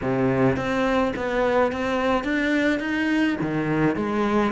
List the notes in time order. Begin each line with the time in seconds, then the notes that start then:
0.01 C3
0.56 C4
1.16 B3
1.71 C4
2.24 D4
2.79 D#4
3.41 D#3
3.96 G#3